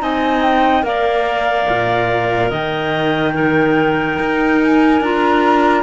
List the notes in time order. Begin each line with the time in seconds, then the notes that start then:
0.00 C4 D#4 D#5 G#5
0.43 G5
0.83 A#3 A#4 D5 F5
1.69 A#2
2.50 D#3 D#5 G5
3.34 D#4 A#4
4.20 D#4
4.62 G#5
5.01 D4 F4 A#5